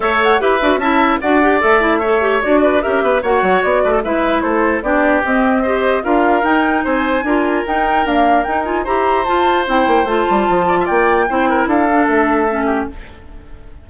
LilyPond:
<<
  \new Staff \with { instrumentName = "flute" } { \time 4/4 \tempo 4 = 149 e''8 fis''8 e''4 a''4 fis''4 | e''2 d''4 e''4 | fis''4 d''4 e''4 c''4 | d''4 dis''2 f''4 |
g''4 gis''2 g''4 | f''4 g''8 gis''8 ais''4 a''4 | g''4 a''2 g''4~ | g''4 f''4 e''2 | }
  \new Staff \with { instrumentName = "oboe" } { \time 4/4 cis''4 b'4 e''4 d''4~ | d''4 cis''4. b'8 ais'8 b'8 | cis''4. b'16 a'16 b'4 a'4 | g'2 c''4 ais'4~ |
ais'4 c''4 ais'2~ | ais'2 c''2~ | c''2~ c''8 d''16 e''16 d''4 | c''8 ais'8 a'2~ a'8 g'8 | }
  \new Staff \with { instrumentName = "clarinet" } { \time 4/4 a'4 g'8 fis'8 e'4 fis'8 g'8 | a'8 e'8 a'8 g'8 fis'4 g'4 | fis'2 e'2 | d'4 c'4 g'4 f'4 |
dis'2 f'4 dis'4 | ais4 dis'8 f'8 g'4 f'4 | e'4 f'2. | e'4. d'4. cis'4 | }
  \new Staff \with { instrumentName = "bassoon" } { \time 4/4 a4 e'8 d'8 cis'4 d'4 | a2 d'4 cis'8 b8 | ais8 fis8 b8 a8 gis4 a4 | b4 c'2 d'4 |
dis'4 c'4 d'4 dis'4 | d'4 dis'4 e'4 f'4 | c'8 ais8 a8 g8 f4 ais4 | c'4 d'4 a2 | }
>>